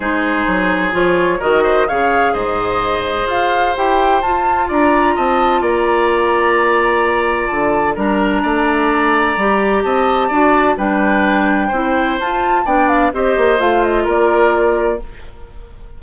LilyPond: <<
  \new Staff \with { instrumentName = "flute" } { \time 4/4 \tempo 4 = 128 c''2 cis''4 dis''4 | f''4 dis''2 f''4 | g''4 a''4 ais''4 a''4 | ais''1 |
a''4 ais''2.~ | ais''4 a''2 g''4~ | g''2 a''4 g''8 f''8 | dis''4 f''8 dis''8 d''2 | }
  \new Staff \with { instrumentName = "oboe" } { \time 4/4 gis'2. ais'8 c''8 | cis''4 c''2.~ | c''2 d''4 dis''4 | d''1~ |
d''4 ais'4 d''2~ | d''4 dis''4 d''4 b'4~ | b'4 c''2 d''4 | c''2 ais'2 | }
  \new Staff \with { instrumentName = "clarinet" } { \time 4/4 dis'2 f'4 fis'4 | gis'1 | g'4 f'2.~ | f'1~ |
f'4 d'2. | g'2 fis'4 d'4~ | d'4 e'4 f'4 d'4 | g'4 f'2. | }
  \new Staff \with { instrumentName = "bassoon" } { \time 4/4 gis4 fis4 f4 dis4 | cis4 gis,2 f'4 | e'4 f'4 d'4 c'4 | ais1 |
d4 g4 a2 | g4 c'4 d'4 g4~ | g4 c'4 f'4 b4 | c'8 ais8 a4 ais2 | }
>>